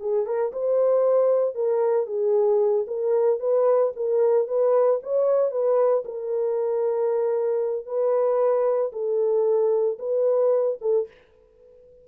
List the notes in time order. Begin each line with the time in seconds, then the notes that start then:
0.00 G#4
0.26 A#4
0.52 C5
1.55 A#4
2.06 G#4
2.87 A#4
3.40 B4
3.96 A#4
4.47 B4
5.03 C#5
5.51 B4
6.05 A#4
7.86 B4
8.93 A4
9.99 B4
10.81 A4